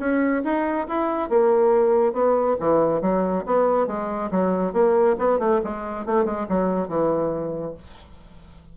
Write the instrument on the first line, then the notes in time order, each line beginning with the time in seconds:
bassoon
0.00 C#4
0.45 D#4
0.88 E4
1.30 A#3
2.13 B3
2.60 E3
3.02 F#3
3.46 B3
3.88 G#3
4.31 F#3
4.73 A#3
5.19 B3
5.39 A3
5.64 G#3
6.06 A3
6.26 G#3
6.49 F#3
6.88 E3